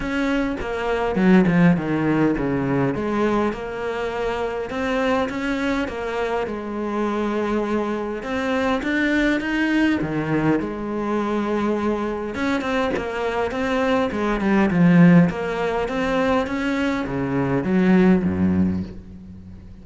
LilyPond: \new Staff \with { instrumentName = "cello" } { \time 4/4 \tempo 4 = 102 cis'4 ais4 fis8 f8 dis4 | cis4 gis4 ais2 | c'4 cis'4 ais4 gis4~ | gis2 c'4 d'4 |
dis'4 dis4 gis2~ | gis4 cis'8 c'8 ais4 c'4 | gis8 g8 f4 ais4 c'4 | cis'4 cis4 fis4 fis,4 | }